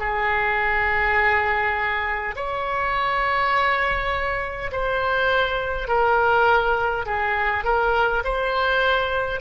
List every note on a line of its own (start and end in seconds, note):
0.00 2.35 G#4
2.36 4.71 C#5
4.72 5.88 C5
5.88 7.06 A#4
7.06 7.65 G#4
7.65 8.24 A#4
8.24 9.41 C5